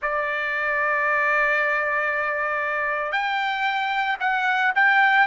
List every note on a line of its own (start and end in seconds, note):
0.02 3.11 D5
3.11 4.17 G5
4.20 4.72 F#5
4.75 5.27 G5